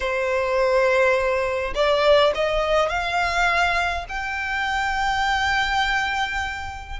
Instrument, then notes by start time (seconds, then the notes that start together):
violin
0.00 C5
1.74 D5
2.34 D#5
2.89 F5
4.08 G5